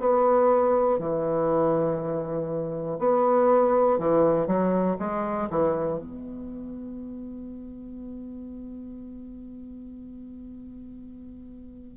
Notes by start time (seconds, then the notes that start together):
0.00 B3
0.99 E3
2.99 B3
3.99 E3
4.47 F#3
4.99 G#3
5.50 E3
5.99 B3